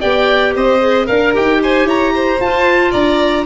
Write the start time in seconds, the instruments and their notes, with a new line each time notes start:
0.00 tuba B3, clarinet G4, violin D5, oboe G5
0.55 tuba C4, violin C5, oboe D#5
0.79 clarinet G#4
1.06 tuba D4, violin A#4, clarinet A#4, oboe F5
1.33 tuba D#4, clarinet G4, oboe G5
1.62 violin C5, oboe G#5
1.85 tuba E4, violin C#5, oboe A#5
2.14 violin C5
2.40 tuba F4, clarinet F4, oboe A5
2.91 tuba D4, violin D5, oboe A#5